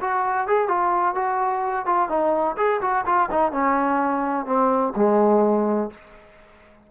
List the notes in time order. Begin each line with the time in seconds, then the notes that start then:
0.00 F#4
0.47 G#4
0.68 F4
1.15 F#4
1.86 F4
2.09 D#4
2.57 G#4
2.81 F#4
3.05 F4
3.30 D#4
3.51 C#4
4.46 C4
4.96 G#3